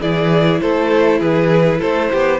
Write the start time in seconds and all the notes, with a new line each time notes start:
0.00 E3 E4 G#4 D5
0.60 A3 A4 C5
1.19 E3 G#4 B4
1.79 A3 A4 C5
2.11 B3 G4